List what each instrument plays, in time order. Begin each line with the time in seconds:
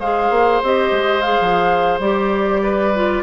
0.00 bassoon G#3, clarinet G#4, oboe C5, flute F5
0.30 bassoon A#3
0.63 bassoon C4, clarinet G4, flute D#5
0.92 bassoon G#3
1.22 clarinet G#4, flute F5
1.41 bassoon F3
2.00 bassoon G3, clarinet G4, flute D5
2.63 oboe B4
2.95 clarinet F4